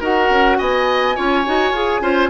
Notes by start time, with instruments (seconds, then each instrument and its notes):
0.00 bassoon D#4, clarinet F#4, oboe A#4, flute F#5
0.30 bassoon C#4
0.58 bassoon B3, oboe D#5, flute G#5
1.15 bassoon C#4, clarinet F4, oboe C#5
1.45 bassoon D#4, clarinet F#4
1.71 bassoon F4, clarinet G#4
2.00 bassoon C#4, clarinet F4, oboe C5